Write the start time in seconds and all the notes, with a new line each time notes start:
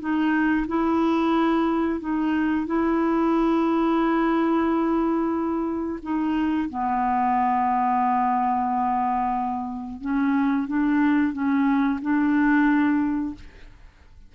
0.00 D#4
0.68 E4
2.00 D#4
2.66 E4
6.02 D#4
6.70 B3
10.01 C#4
10.68 D4
11.33 C#4
12.02 D4